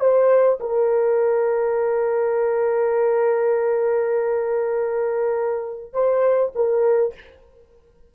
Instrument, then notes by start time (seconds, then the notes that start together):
horn
0.00 C5
0.60 A#4
5.93 C5
6.55 A#4